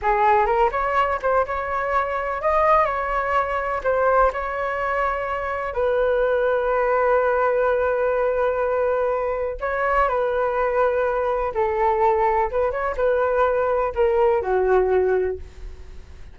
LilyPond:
\new Staff \with { instrumentName = "flute" } { \time 4/4 \tempo 4 = 125 gis'4 ais'8 cis''4 c''8 cis''4~ | cis''4 dis''4 cis''2 | c''4 cis''2. | b'1~ |
b'1 | cis''4 b'2. | a'2 b'8 cis''8 b'4~ | b'4 ais'4 fis'2 | }